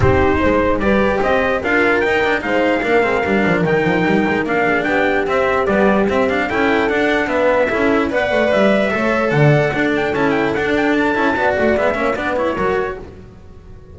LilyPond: <<
  \new Staff \with { instrumentName = "trumpet" } { \time 4/4 \tempo 4 = 148 c''2 d''4 dis''4 | f''4 g''4 f''2~ | f''4 g''2 f''4 | g''4 e''4 d''4 e''8 f''8 |
g''4 fis''4 e''2 | fis''4 e''2 fis''4~ | fis''8 g''8 a''8 g''8 fis''8 g''8 a''4~ | a''8 fis''8 e''4 d''8 cis''4. | }
  \new Staff \with { instrumentName = "horn" } { \time 4/4 g'4 c''4 b'4 c''4 | ais'2 c''4 ais'4~ | ais'2.~ ais'8 gis'8 | g'1 |
a'2 b'4 a'4 | d''2 cis''4 d''4 | a'1 | d''4. cis''8 b'4 ais'4 | }
  \new Staff \with { instrumentName = "cello" } { \time 4/4 dis'2 g'2 | f'4 dis'8 d'8 dis'4 d'8 c'8 | d'4 dis'2 d'4~ | d'4 c'4 g4 c'8 d'8 |
e'4 d'4 b4 e'4 | b'2 a'2 | d'4 e'4 d'4. e'8 | fis'4 b8 cis'8 d'8 e'8 fis'4 | }
  \new Staff \with { instrumentName = "double bass" } { \time 4/4 c'4 gis4 g4 c'4 | d'4 dis'4 gis4 ais8 gis8 | g8 f8 dis8 f8 g8 gis8 ais4 | b4 c'4 b4 c'4 |
cis'4 d'2 cis'4 | b8 a8 g4 a4 d4 | d'4 cis'4 d'4. cis'8 | b8 a8 gis8 ais8 b4 fis4 | }
>>